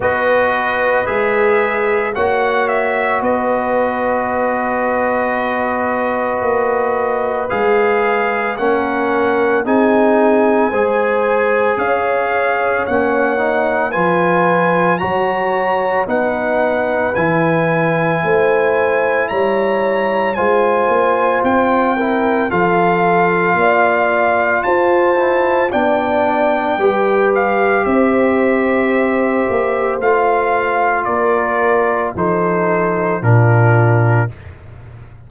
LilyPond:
<<
  \new Staff \with { instrumentName = "trumpet" } { \time 4/4 \tempo 4 = 56 dis''4 e''4 fis''8 e''8 dis''4~ | dis''2. f''4 | fis''4 gis''2 f''4 | fis''4 gis''4 ais''4 fis''4 |
gis''2 ais''4 gis''4 | g''4 f''2 a''4 | g''4. f''8 e''2 | f''4 d''4 c''4 ais'4 | }
  \new Staff \with { instrumentName = "horn" } { \time 4/4 b'2 cis''4 b'4~ | b'1 | ais'4 gis'4 c''4 cis''4~ | cis''4 b'4 cis''4 b'4~ |
b'4 c''4 cis''4 c''4~ | c''8 ais'8 a'4 d''4 c''4 | d''4 b'4 c''2~ | c''4 ais'4 a'4 f'4 | }
  \new Staff \with { instrumentName = "trombone" } { \time 4/4 fis'4 gis'4 fis'2~ | fis'2. gis'4 | cis'4 dis'4 gis'2 | cis'8 dis'8 f'4 fis'4 dis'4 |
e'2. f'4~ | f'8 e'8 f'2~ f'8 e'8 | d'4 g'2. | f'2 dis'4 d'4 | }
  \new Staff \with { instrumentName = "tuba" } { \time 4/4 b4 gis4 ais4 b4~ | b2 ais4 gis4 | ais4 c'4 gis4 cis'4 | ais4 f4 fis4 b4 |
e4 a4 g4 gis8 ais8 | c'4 f4 ais4 f'4 | b4 g4 c'4. ais8 | a4 ais4 f4 ais,4 | }
>>